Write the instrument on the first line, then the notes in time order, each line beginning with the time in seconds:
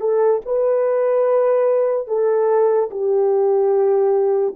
horn
0.00 A4
0.45 B4
2.08 A4
2.91 G4